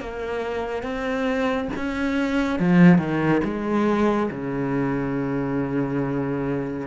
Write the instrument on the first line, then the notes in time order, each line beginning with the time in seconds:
cello
0.00 A#3
0.83 C4
1.76 C#4
2.59 F3
2.98 D#3
3.44 G#3
4.31 C#3